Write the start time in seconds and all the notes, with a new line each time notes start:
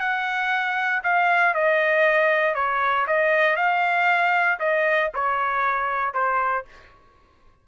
0.00 F#5
1.03 F5
1.54 D#5
2.55 C#5
3.07 D#5
3.56 F5
4.60 D#5
5.14 C#5
6.14 C5